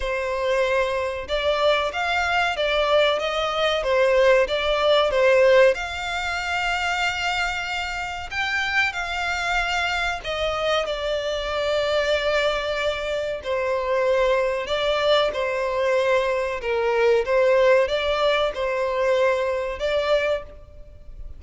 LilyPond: \new Staff \with { instrumentName = "violin" } { \time 4/4 \tempo 4 = 94 c''2 d''4 f''4 | d''4 dis''4 c''4 d''4 | c''4 f''2.~ | f''4 g''4 f''2 |
dis''4 d''2.~ | d''4 c''2 d''4 | c''2 ais'4 c''4 | d''4 c''2 d''4 | }